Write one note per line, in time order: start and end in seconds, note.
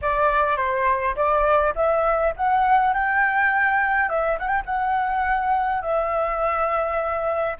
0.01 0.56 D5
0.56 1.15 C5
1.15 1.74 D5
1.75 2.33 E5
2.36 2.93 F#5
2.93 4.09 G5
4.09 4.38 E5
4.39 4.47 F#5
4.47 4.62 G5
4.65 5.81 F#5
5.81 7.56 E5